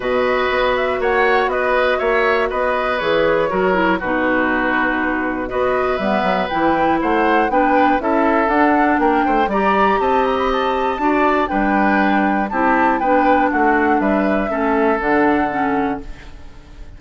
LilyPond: <<
  \new Staff \with { instrumentName = "flute" } { \time 4/4 \tempo 4 = 120 dis''4. e''8 fis''4 dis''4 | e''4 dis''4 cis''2 | b'2. dis''4 | e''4 g''4 fis''4 g''4 |
e''4 fis''4 g''4 ais''4 | a''8 ais''16 b''16 a''2 g''4~ | g''4 a''4 g''4 fis''4 | e''2 fis''2 | }
  \new Staff \with { instrumentName = "oboe" } { \time 4/4 b'2 cis''4 b'4 | cis''4 b'2 ais'4 | fis'2. b'4~ | b'2 c''4 b'4 |
a'2 ais'8 c''8 d''4 | dis''2 d''4 b'4~ | b'4 g'4 b'4 fis'4 | b'4 a'2. | }
  \new Staff \with { instrumentName = "clarinet" } { \time 4/4 fis'1~ | fis'2 gis'4 fis'8 e'8 | dis'2. fis'4 | b4 e'2 d'4 |
e'4 d'2 g'4~ | g'2 fis'4 d'4~ | d'4 e'4 d'2~ | d'4 cis'4 d'4 cis'4 | }
  \new Staff \with { instrumentName = "bassoon" } { \time 4/4 b,4 b4 ais4 b4 | ais4 b4 e4 fis4 | b,2. b4 | g8 fis8 e4 a4 b4 |
cis'4 d'4 ais8 a8 g4 | c'2 d'4 g4~ | g4 c'4 b4 a4 | g4 a4 d2 | }
>>